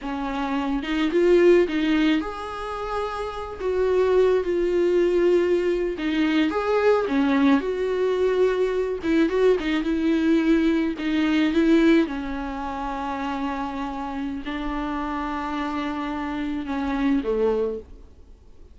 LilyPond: \new Staff \with { instrumentName = "viola" } { \time 4/4 \tempo 4 = 108 cis'4. dis'8 f'4 dis'4 | gis'2~ gis'8 fis'4. | f'2~ f'8. dis'4 gis'16~ | gis'8. cis'4 fis'2~ fis'16~ |
fis'16 e'8 fis'8 dis'8 e'2 dis'16~ | dis'8. e'4 cis'2~ cis'16~ | cis'2 d'2~ | d'2 cis'4 a4 | }